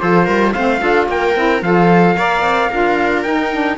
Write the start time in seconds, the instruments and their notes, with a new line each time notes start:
0.00 cello F3, saxophone F4, viola A4, trumpet C5
0.26 cello G3, viola A#4
0.53 cello A3, saxophone C4, viola C5, trumpet F5
0.80 cello D4, saxophone F4, viola A4
1.09 cello A#3, viola A#4, trumpet G5
1.35 cello C4, saxophone E4
1.62 cello F3, saxophone F4, viola A4, trumpet F5
2.18 cello A#3, saxophone A#4, viola D5
2.42 cello C4
2.70 cello D4, saxophone F4, viola A#4
3.24 saxophone D#4, cello D#4, trumpet G5
3.52 saxophone D4